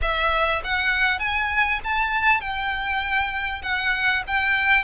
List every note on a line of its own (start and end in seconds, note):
0.01 0.62 E5
0.64 1.19 F#5
1.19 1.79 G#5
1.83 2.40 A5
2.40 3.61 G5
3.62 4.23 F#5
4.27 4.84 G5